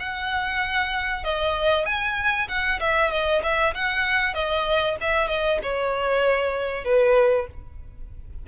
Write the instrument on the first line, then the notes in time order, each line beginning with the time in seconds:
violin
0.00 F#5
1.24 D#5
1.86 G#5
2.49 F#5
2.80 E5
3.11 D#5
3.43 E5
3.75 F#5
4.34 D#5
5.01 E5
5.28 D#5
5.63 C#5
6.84 B4